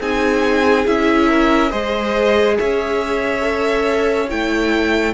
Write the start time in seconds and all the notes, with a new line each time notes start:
0.00 C4 D#4 G#4 G#5
0.86 C#4 E4 E5
1.27 A#4
1.70 G#3 G#4 C5 D#5
2.58 C#4 C#5 E5
3.41 A4
4.29 A3 E4 G5